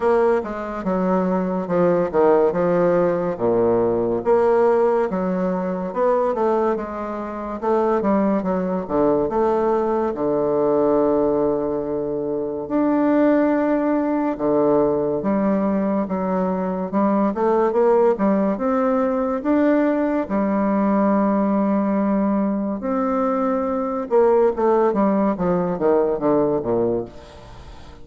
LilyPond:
\new Staff \with { instrumentName = "bassoon" } { \time 4/4 \tempo 4 = 71 ais8 gis8 fis4 f8 dis8 f4 | ais,4 ais4 fis4 b8 a8 | gis4 a8 g8 fis8 d8 a4 | d2. d'4~ |
d'4 d4 g4 fis4 | g8 a8 ais8 g8 c'4 d'4 | g2. c'4~ | c'8 ais8 a8 g8 f8 dis8 d8 ais,8 | }